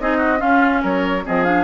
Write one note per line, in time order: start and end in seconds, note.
0.00 0.42 C4
0.00 0.38 D#4
0.00 0.18 G#4
0.00 0.41 D#5
0.18 0.39 F#4
0.38 1.21 C#4
0.38 0.84 C#4
0.38 0.81 F4
0.38 0.83 F5
0.83 1.26 F#3
0.83 1.24 A#4
0.83 1.26 C#5
1.25 1.64 F3
1.25 1.45 C4
1.25 1.64 G#4
1.25 1.44 D#5
1.44 1.64 D4
1.44 1.64 F5